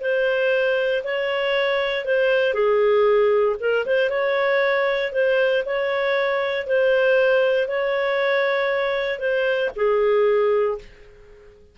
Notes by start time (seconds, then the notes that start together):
0.00 C5
1.03 C#5
2.04 C5
2.53 G#4
3.59 A#4
3.85 C5
4.10 C#5
5.12 C5
5.65 C#5
6.66 C5
7.67 C#5
9.18 C5
9.75 G#4